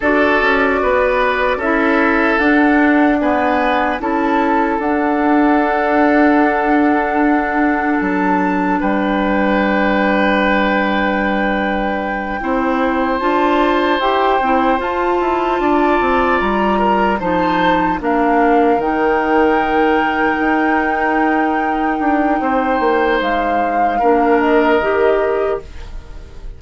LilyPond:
<<
  \new Staff \with { instrumentName = "flute" } { \time 4/4 \tempo 4 = 75 d''2 e''4 fis''4 | gis''4 a''4 fis''2~ | fis''2 a''4 g''4~ | g''1~ |
g''8 a''4 g''4 a''4.~ | a''8 ais''4 a''4 f''4 g''8~ | g''1~ | g''4 f''4. dis''4. | }
  \new Staff \with { instrumentName = "oboe" } { \time 4/4 a'4 b'4 a'2 | b'4 a'2.~ | a'2. b'4~ | b'2.~ b'8 c''8~ |
c''2.~ c''8 d''8~ | d''4 ais'8 c''4 ais'4.~ | ais'1 | c''2 ais'2 | }
  \new Staff \with { instrumentName = "clarinet" } { \time 4/4 fis'2 e'4 d'4 | b4 e'4 d'2~ | d'1~ | d'2.~ d'8 e'8~ |
e'8 f'4 g'8 e'8 f'4.~ | f'4. dis'4 d'4 dis'8~ | dis'1~ | dis'2 d'4 g'4 | }
  \new Staff \with { instrumentName = "bassoon" } { \time 4/4 d'8 cis'8 b4 cis'4 d'4~ | d'4 cis'4 d'2~ | d'2 fis4 g4~ | g2.~ g8 c'8~ |
c'8 d'4 e'8 c'8 f'8 e'8 d'8 | c'8 g4 f4 ais4 dis8~ | dis4. dis'2 d'8 | c'8 ais8 gis4 ais4 dis4 | }
>>